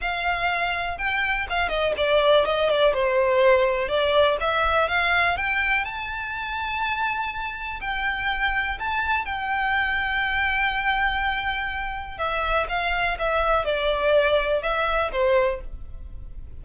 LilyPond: \new Staff \with { instrumentName = "violin" } { \time 4/4 \tempo 4 = 123 f''2 g''4 f''8 dis''8 | d''4 dis''8 d''8 c''2 | d''4 e''4 f''4 g''4 | a''1 |
g''2 a''4 g''4~ | g''1~ | g''4 e''4 f''4 e''4 | d''2 e''4 c''4 | }